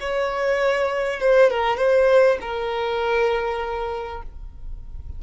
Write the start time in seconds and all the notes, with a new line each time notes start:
0.00 C#5
1.20 C5
1.50 A#4
1.77 C5
2.41 A#4